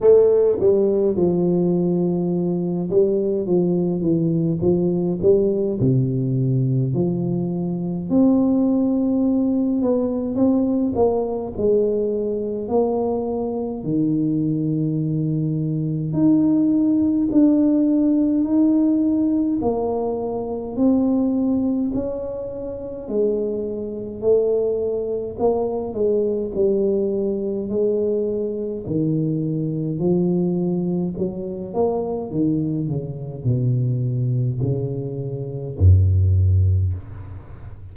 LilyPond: \new Staff \with { instrumentName = "tuba" } { \time 4/4 \tempo 4 = 52 a8 g8 f4. g8 f8 e8 | f8 g8 c4 f4 c'4~ | c'8 b8 c'8 ais8 gis4 ais4 | dis2 dis'4 d'4 |
dis'4 ais4 c'4 cis'4 | gis4 a4 ais8 gis8 g4 | gis4 dis4 f4 fis8 ais8 | dis8 cis8 b,4 cis4 fis,4 | }